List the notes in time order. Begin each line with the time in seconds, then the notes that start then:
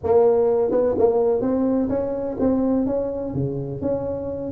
0.03 A#3
0.71 B3
0.98 A#3
1.41 C4
1.89 C#4
2.39 C4
2.86 C#4
3.33 C#3
3.81 C#4